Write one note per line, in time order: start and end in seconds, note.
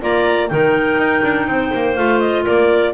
0.00 0.51 A#3
0.00 0.49 F4
0.00 0.50 D5
0.00 0.48 A#5
0.48 0.97 D#3
0.48 1.96 D#4
0.48 1.47 A#4
0.48 1.95 G5
0.97 1.21 D#4
1.23 1.47 D4
1.47 1.72 C4
1.47 2.43 C5
1.74 1.97 A#3
1.95 2.46 A3
1.95 2.93 F4
1.95 2.19 F5
2.19 2.44 D#5
2.43 2.94 A#3
2.43 2.91 A#4
2.43 2.94 D5